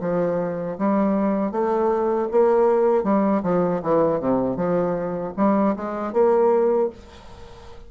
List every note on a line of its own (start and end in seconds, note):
0.00 0.77 F3
0.78 1.51 G3
1.51 2.28 A3
2.31 3.03 A#3
3.03 3.42 G3
3.42 3.81 F3
3.82 4.20 E3
4.20 4.56 C3
4.56 5.33 F3
5.36 5.75 G3
5.76 6.13 G#3
6.13 6.90 A#3